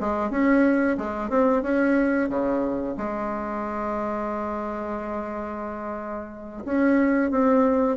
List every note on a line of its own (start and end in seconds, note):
0.00 0.31 G#3
0.31 0.97 C#4
0.98 1.30 G#3
1.30 1.63 C4
1.63 2.29 C#4
2.29 2.96 C#3
2.97 6.64 G#3
6.65 7.31 C#4
7.31 7.97 C4